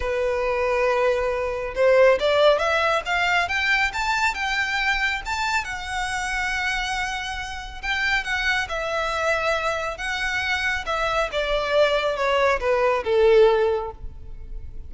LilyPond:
\new Staff \with { instrumentName = "violin" } { \time 4/4 \tempo 4 = 138 b'1 | c''4 d''4 e''4 f''4 | g''4 a''4 g''2 | a''4 fis''2.~ |
fis''2 g''4 fis''4 | e''2. fis''4~ | fis''4 e''4 d''2 | cis''4 b'4 a'2 | }